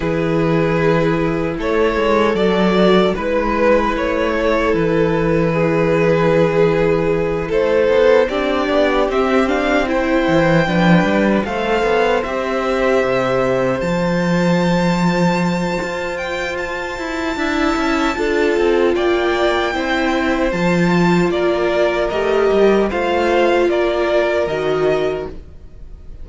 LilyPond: <<
  \new Staff \with { instrumentName = "violin" } { \time 4/4 \tempo 4 = 76 b'2 cis''4 d''4 | b'4 cis''4 b'2~ | b'4. c''4 d''4 e''8 | f''8 g''2 f''4 e''8~ |
e''4. a''2~ a''8~ | a''8 g''8 a''2. | g''2 a''4 d''4 | dis''4 f''4 d''4 dis''4 | }
  \new Staff \with { instrumentName = "violin" } { \time 4/4 gis'2 a'2 | b'4. a'4. gis'4~ | gis'4. a'4 g'4.~ | g'8 c''4 b'4 c''4.~ |
c''1~ | c''2 e''4 a'4 | d''4 c''2 ais'4~ | ais'4 c''4 ais'2 | }
  \new Staff \with { instrumentName = "viola" } { \time 4/4 e'2. fis'4 | e'1~ | e'2~ e'8 d'4 c'8 | d'8 e'4 d'4 a'4 g'8~ |
g'4. f'2~ f'8~ | f'2 e'4 f'4~ | f'4 e'4 f'2 | g'4 f'2 fis'4 | }
  \new Staff \with { instrumentName = "cello" } { \time 4/4 e2 a8 gis8 fis4 | gis4 a4 e2~ | e4. a8 b8 c'8 b8 c'8~ | c'4 e8 f8 g8 a8 b8 c'8~ |
c'8 c4 f2~ f8 | f'4. e'8 d'8 cis'8 d'8 c'8 | ais4 c'4 f4 ais4 | a8 g8 a4 ais4 dis4 | }
>>